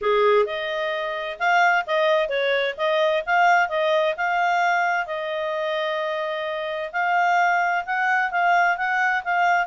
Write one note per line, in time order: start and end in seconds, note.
0.01 0.45 G#4
0.45 1.38 D#5
1.39 1.85 F5
1.86 2.28 D#5
2.28 2.75 C#5
2.77 3.23 D#5
3.26 3.69 F5
3.69 4.15 D#5
4.16 5.06 F5
5.06 6.91 D#5
6.92 7.84 F5
7.85 8.31 F#5
8.31 8.77 F5
8.77 9.23 F#5
9.24 9.67 F5